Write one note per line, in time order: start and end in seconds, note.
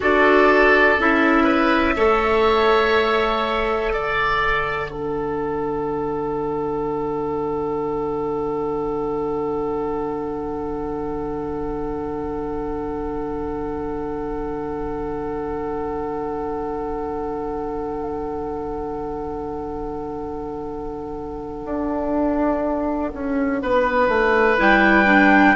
0.00 0.98 D4
0.00 0.97 F#4
0.00 1.43 A4
0.00 1.00 D5
0.98 1.96 C#4
0.98 1.97 E4
0.98 3.95 E5
1.43 1.92 B4
1.96 3.92 A3
1.96 4.90 A4
1.96 3.93 C#5
3.92 21.63 D3
3.92 4.91 D5
3.92 24.60 F#5
4.90 24.57 D4
4.90 23.59 A4
21.65 23.12 D4
23.13 23.61 C#4
23.61 24.08 B3
23.61 25.56 B4
24.08 24.57 A3
24.57 25.56 G3
24.57 25.05 E4
24.57 25.56 G5
25.05 25.54 D4